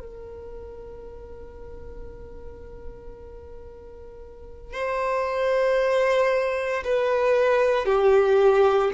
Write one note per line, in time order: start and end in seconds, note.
0.00 4.74 A#4
4.74 6.84 C5
6.85 7.86 B4
7.86 8.91 G4